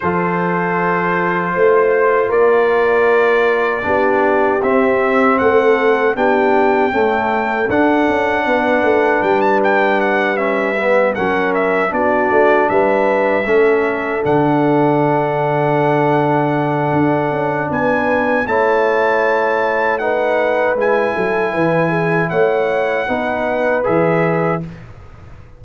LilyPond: <<
  \new Staff \with { instrumentName = "trumpet" } { \time 4/4 \tempo 4 = 78 c''2. d''4~ | d''2 e''4 fis''4 | g''2 fis''2 | g''16 a''16 g''8 fis''8 e''4 fis''8 e''8 d''8~ |
d''8 e''2 fis''4.~ | fis''2. gis''4 | a''2 fis''4 gis''4~ | gis''4 fis''2 e''4 | }
  \new Staff \with { instrumentName = "horn" } { \time 4/4 a'2 c''4 ais'4~ | ais'4 g'2 a'4 | g'4 a'2 b'4~ | b'2~ b'8 ais'4 fis'8~ |
fis'8 b'4 a'2~ a'8~ | a'2. b'4 | cis''2 b'4. a'8 | b'8 gis'8 cis''4 b'2 | }
  \new Staff \with { instrumentName = "trombone" } { \time 4/4 f'1~ | f'4 d'4 c'2 | d'4 a4 d'2~ | d'4. cis'8 b8 cis'4 d'8~ |
d'4. cis'4 d'4.~ | d'1 | e'2 dis'4 e'4~ | e'2 dis'4 gis'4 | }
  \new Staff \with { instrumentName = "tuba" } { \time 4/4 f2 a4 ais4~ | ais4 b4 c'4 a4 | b4 cis'4 d'8 cis'8 b8 a8 | g2~ g8 fis4 b8 |
a8 g4 a4 d4.~ | d2 d'8 cis'8 b4 | a2. gis8 fis8 | e4 a4 b4 e4 | }
>>